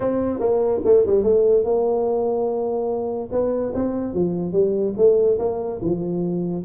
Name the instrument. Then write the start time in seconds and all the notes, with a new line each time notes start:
tuba
0.00 C4
0.39 A#3
0.84 A3
1.06 G3
1.23 A3
1.64 A#3
3.31 B3
3.74 C4
4.13 F3
4.52 G3
4.97 A3
5.38 A#3
5.81 F3